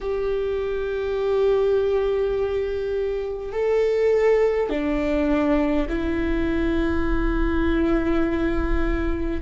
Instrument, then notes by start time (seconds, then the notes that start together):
viola
0.00 G4
3.52 A4
4.69 D4
5.88 E4